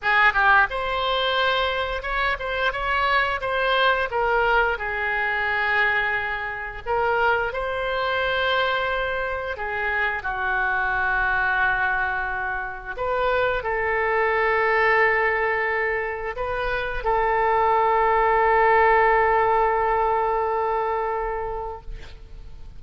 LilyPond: \new Staff \with { instrumentName = "oboe" } { \time 4/4 \tempo 4 = 88 gis'8 g'8 c''2 cis''8 c''8 | cis''4 c''4 ais'4 gis'4~ | gis'2 ais'4 c''4~ | c''2 gis'4 fis'4~ |
fis'2. b'4 | a'1 | b'4 a'2.~ | a'1 | }